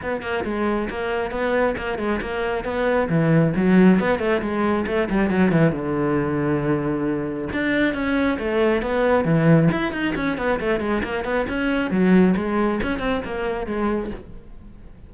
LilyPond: \new Staff \with { instrumentName = "cello" } { \time 4/4 \tempo 4 = 136 b8 ais8 gis4 ais4 b4 | ais8 gis8 ais4 b4 e4 | fis4 b8 a8 gis4 a8 g8 | fis8 e8 d2.~ |
d4 d'4 cis'4 a4 | b4 e4 e'8 dis'8 cis'8 b8 | a8 gis8 ais8 b8 cis'4 fis4 | gis4 cis'8 c'8 ais4 gis4 | }